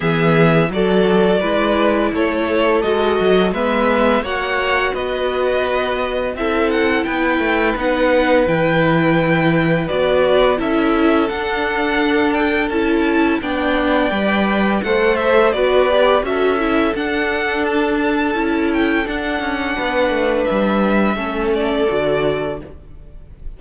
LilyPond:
<<
  \new Staff \with { instrumentName = "violin" } { \time 4/4 \tempo 4 = 85 e''4 d''2 cis''4 | dis''4 e''4 fis''4 dis''4~ | dis''4 e''8 fis''8 g''4 fis''4 | g''2 d''4 e''4 |
fis''4. g''8 a''4 g''4~ | g''4 fis''8 e''8 d''4 e''4 | fis''4 a''4. g''8 fis''4~ | fis''4 e''4. d''4. | }
  \new Staff \with { instrumentName = "violin" } { \time 4/4 gis'4 a'4 b'4 a'4~ | a'4 b'4 cis''4 b'4~ | b'4 a'4 b'2~ | b'2. a'4~ |
a'2. d''4~ | d''4 c''4 b'4 a'4~ | a'1 | b'2 a'2 | }
  \new Staff \with { instrumentName = "viola" } { \time 4/4 b4 fis'4 e'2 | fis'4 b4 fis'2~ | fis'4 e'2 dis'4 | e'2 fis'4 e'4 |
d'2 e'4 d'4 | b'4 a'4 fis'8 g'8 fis'8 e'8 | d'2 e'4 d'4~ | d'2 cis'4 fis'4 | }
  \new Staff \with { instrumentName = "cello" } { \time 4/4 e4 fis4 gis4 a4 | gis8 fis8 gis4 ais4 b4~ | b4 c'4 b8 a8 b4 | e2 b4 cis'4 |
d'2 cis'4 b4 | g4 a4 b4 cis'4 | d'2 cis'4 d'8 cis'8 | b8 a8 g4 a4 d4 | }
>>